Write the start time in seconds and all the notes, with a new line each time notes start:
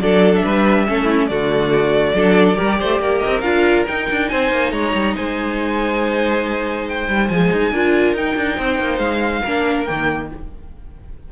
0.00 F#3 D4 A4 D5
0.35 E5
0.44 G3 B4
0.87 A3 C#4 A4
1.04 E4
1.27 D3 A3 F#4 D5
2.13 F#3 D4 A4
2.56 G3 G4 A#4
2.80 A3 C5
2.99 A#3 A#4
3.19 D#5
3.27 C4
3.41 D4 F4 F5
3.86 D#4 G5
4.11 D4
4.29 C4 C5 G#5
4.51 A#3
4.72 G#3 C#5 A#5
4.94 G3
5.16 G#3 C5 G#5
6.89 G5
7.08 G3
7.28 F3 G#3 G#5
7.52 D#4
7.71 D4 F4 A#4
8.13 D#4 G5
8.36 D4
8.57 C4 C5
8.80 A#3
8.98 G#3 F5
9.42 A#3 D4 A#4
9.85 D#3 A#3 G5